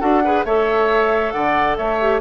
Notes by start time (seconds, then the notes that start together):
0.00 D4 F#4 A4 F#5
0.24 G#4 B4
0.44 A3 A4 C#5 E5
1.31 D3 D5 F#5
1.76 A3 C#5 E5
2.01 G4